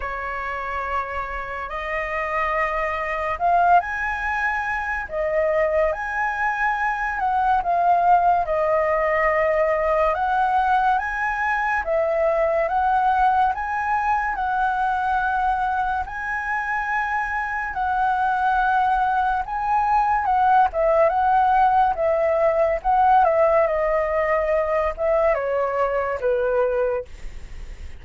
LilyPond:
\new Staff \with { instrumentName = "flute" } { \time 4/4 \tempo 4 = 71 cis''2 dis''2 | f''8 gis''4. dis''4 gis''4~ | gis''8 fis''8 f''4 dis''2 | fis''4 gis''4 e''4 fis''4 |
gis''4 fis''2 gis''4~ | gis''4 fis''2 gis''4 | fis''8 e''8 fis''4 e''4 fis''8 e''8 | dis''4. e''8 cis''4 b'4 | }